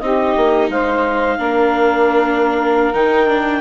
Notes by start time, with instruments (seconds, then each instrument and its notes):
0.00 bassoon C4, viola D#4, saxophone G4, clarinet D#5
0.36 bassoon A#3
0.69 bassoon G#3, saxophone C5, clarinet F5
1.38 bassoon A#3, viola D4, saxophone A#4
2.94 bassoon D#3, viola D#4, clarinet G5
3.28 viola D4